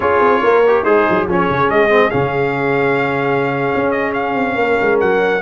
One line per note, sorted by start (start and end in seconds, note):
0.00 0.19 C#4
0.00 0.63 F4
0.00 0.41 G#4
0.00 0.84 C#5
0.19 0.41 C4
0.42 0.84 A#3
0.42 0.82 A#4
0.67 0.85 G4
0.82 1.06 G#3
0.82 1.25 D#4
0.82 1.27 G#4
0.82 1.26 C5
1.09 1.27 F#3
1.25 1.48 F3
1.25 1.89 C#4
1.25 4.55 G#4
1.31 1.70 C#5
1.49 1.69 C#3
1.69 2.12 G#3
1.69 2.10 D#5
1.89 2.10 C4
2.10 3.73 C#3
2.10 5.40 C#4
2.10 3.91 F5
3.75 4.34 C#4
3.91 4.12 D#5
4.13 4.98 F5
4.34 4.55 C4
4.55 4.76 A#3
4.55 5.42 A#4
4.81 5.01 G#3
5.00 5.42 F#3
5.00 5.42 F#5